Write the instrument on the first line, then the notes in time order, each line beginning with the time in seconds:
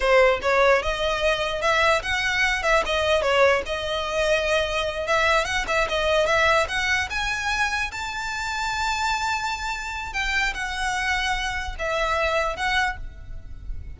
violin
0.00 C5
0.41 C#5
0.82 D#5
1.61 E5
2.02 F#5
2.62 E5
2.85 D#5
3.22 C#5
3.66 D#5
5.07 E5
5.44 F#5
5.67 E5
5.89 D#5
6.26 E5
6.68 F#5
7.10 G#5
7.91 A5
10.13 G5
10.54 F#5
11.78 E5
12.56 F#5